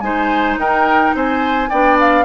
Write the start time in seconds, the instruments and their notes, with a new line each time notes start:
0.00 bassoon G#3, clarinet D#4, oboe C5, flute G#5
0.57 bassoon D#4, oboe A#4, flute G5
1.14 bassoon C4, oboe C5, flute G#5
1.69 bassoon B3, clarinet D4, oboe D5, flute G5
2.00 flute F5